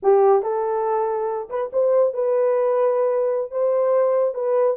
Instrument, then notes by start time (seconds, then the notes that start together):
horn
0.03 G4
0.42 A4
1.49 B4
1.73 C5
2.13 B4
3.51 C5
4.34 B4